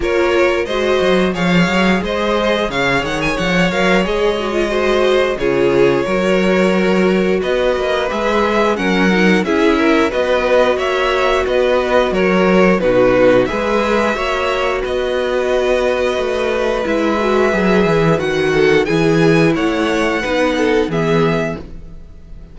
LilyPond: <<
  \new Staff \with { instrumentName = "violin" } { \time 4/4 \tempo 4 = 89 cis''4 dis''4 f''4 dis''4 | f''8 fis''16 gis''16 fis''8 f''8 dis''2 | cis''2. dis''4 | e''4 fis''4 e''4 dis''4 |
e''4 dis''4 cis''4 b'4 | e''2 dis''2~ | dis''4 e''2 fis''4 | gis''4 fis''2 e''4 | }
  \new Staff \with { instrumentName = "violin" } { \time 4/4 ais'4 c''4 cis''4 c''4 | cis''2. c''4 | gis'4 ais'2 b'4~ | b'4 ais'4 gis'8 ais'8 b'4 |
cis''4 b'4 ais'4 fis'4 | b'4 cis''4 b'2~ | b'2.~ b'8 a'8 | gis'4 cis''4 b'8 a'8 gis'4 | }
  \new Staff \with { instrumentName = "viola" } { \time 4/4 f'4 fis'4 gis'2~ | gis'4. ais'8 gis'8 fis'16 f'16 fis'4 | f'4 fis'2. | gis'4 cis'8 dis'8 e'4 fis'4~ |
fis'2. dis'4 | gis'4 fis'2.~ | fis'4 e'8 fis'8 gis'4 fis'4 | e'2 dis'4 b4 | }
  \new Staff \with { instrumentName = "cello" } { \time 4/4 ais4 gis8 fis8 f8 fis8 gis4 | cis8 dis8 f8 fis8 gis2 | cis4 fis2 b8 ais8 | gis4 fis4 cis'4 b4 |
ais4 b4 fis4 b,4 | gis4 ais4 b2 | a4 gis4 fis8 e8 dis4 | e4 a4 b4 e4 | }
>>